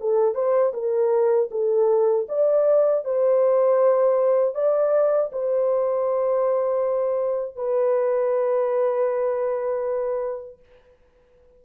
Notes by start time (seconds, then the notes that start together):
0.00 A4
0.35 C5
0.73 A#4
1.51 A4
2.29 D5
3.04 C5
4.54 D5
5.32 C5
7.56 B4